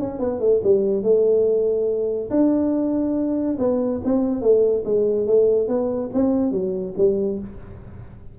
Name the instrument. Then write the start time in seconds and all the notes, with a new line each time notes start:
tuba
0.00 C#4
0.19 B3
0.40 A3
0.64 G3
1.03 A3
2.31 D4
3.59 B3
4.05 C4
4.42 A3
4.85 G#3
5.27 A3
5.68 B3
6.14 C4
6.52 F#3
6.97 G3